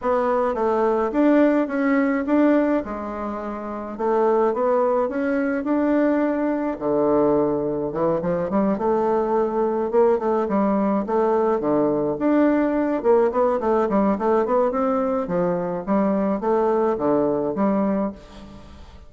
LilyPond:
\new Staff \with { instrumentName = "bassoon" } { \time 4/4 \tempo 4 = 106 b4 a4 d'4 cis'4 | d'4 gis2 a4 | b4 cis'4 d'2 | d2 e8 f8 g8 a8~ |
a4. ais8 a8 g4 a8~ | a8 d4 d'4. ais8 b8 | a8 g8 a8 b8 c'4 f4 | g4 a4 d4 g4 | }